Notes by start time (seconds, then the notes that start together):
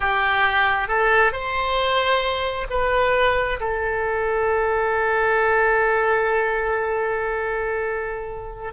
0.00 G4
0.88 A4
1.32 C5
2.69 B4
3.60 A4